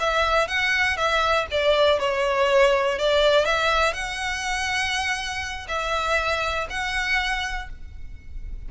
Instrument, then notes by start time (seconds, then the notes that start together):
violin
0.00 E5
0.48 F#5
0.97 E5
1.51 D5
2.00 C#5
2.99 D5
3.46 E5
3.94 F#5
5.68 E5
6.70 F#5